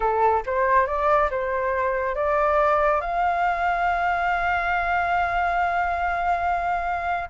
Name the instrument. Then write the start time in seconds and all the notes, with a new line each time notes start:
flute
0.00 A4
0.46 C5
0.86 D5
1.30 C5
2.15 D5
3.00 F5